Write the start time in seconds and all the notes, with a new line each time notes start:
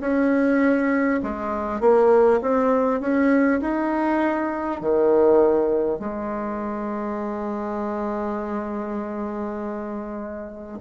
0.00 C#4
1.22 G#3
1.80 A#3
2.41 C4
3.00 C#4
3.61 D#4
4.80 D#3
5.99 G#3